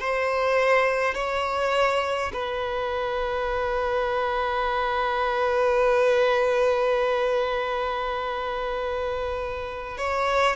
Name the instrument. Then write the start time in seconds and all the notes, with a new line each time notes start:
violin
0.00 C5
1.14 C#5
2.33 B4
9.97 C#5